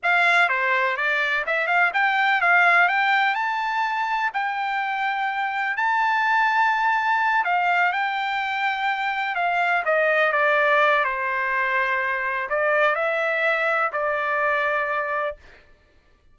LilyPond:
\new Staff \with { instrumentName = "trumpet" } { \time 4/4 \tempo 4 = 125 f''4 c''4 d''4 e''8 f''8 | g''4 f''4 g''4 a''4~ | a''4 g''2. | a''2.~ a''8 f''8~ |
f''8 g''2. f''8~ | f''8 dis''4 d''4. c''4~ | c''2 d''4 e''4~ | e''4 d''2. | }